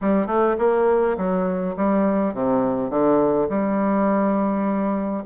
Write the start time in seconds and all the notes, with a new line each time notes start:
0.01 G3
0.26 A3
0.58 A#3
1.17 F#3
1.76 G3
2.34 C3
2.89 D3
3.49 G3